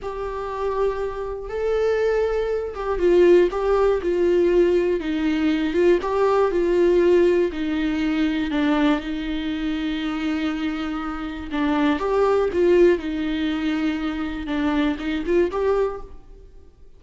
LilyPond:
\new Staff \with { instrumentName = "viola" } { \time 4/4 \tempo 4 = 120 g'2. a'4~ | a'4. g'8 f'4 g'4 | f'2 dis'4. f'8 | g'4 f'2 dis'4~ |
dis'4 d'4 dis'2~ | dis'2. d'4 | g'4 f'4 dis'2~ | dis'4 d'4 dis'8 f'8 g'4 | }